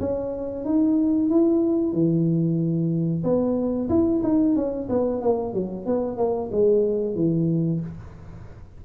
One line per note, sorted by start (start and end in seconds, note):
0.00 0.65 C#4
0.65 1.30 D#4
1.30 1.93 E4
1.93 3.23 E3
3.24 3.89 B3
3.89 4.22 E4
4.23 4.56 D#4
4.56 4.88 C#4
4.89 5.21 B3
5.21 5.54 A#3
5.54 5.86 F#3
5.86 6.17 B3
6.17 6.50 A#3
6.52 7.15 G#3
7.15 7.80 E3